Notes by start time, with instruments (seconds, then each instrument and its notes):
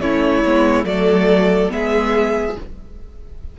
0.00 cello A3, viola C#4, violin E4 C#5
0.45 cello G#3, viola B3
0.84 cello F#3, viola A3, violin A4 D5
1.68 cello G#3, viola B3, violin G#4 E5